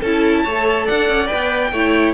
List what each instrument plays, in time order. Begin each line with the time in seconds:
0.00 cello C#4, viola E4, violin A4 A5
0.44 cello A3, viola A4, violin C#5
0.86 cello D4, violin D5 F#5
1.09 cello C#4
1.27 viola B4, violin G5
1.33 cello B3
1.72 cello A3, viola E4, violin C#5